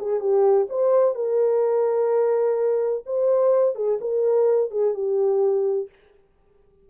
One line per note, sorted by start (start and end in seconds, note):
0.00 0.20 G#4
0.20 0.68 G4
0.70 1.15 C5
1.15 3.04 A#4
3.06 3.75 C5
3.75 3.99 G#4
4.01 4.71 A#4
4.71 4.95 G#4
4.95 5.89 G4